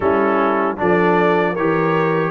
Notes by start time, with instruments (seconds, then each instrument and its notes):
0.00 tuba G3, trombone C#4, horn E4, trumpet A4
0.76 tuba F3, trombone D4, horn A4, trumpet D5
1.52 tuba E3, horn A#4, trumpet C#5
1.58 trombone G4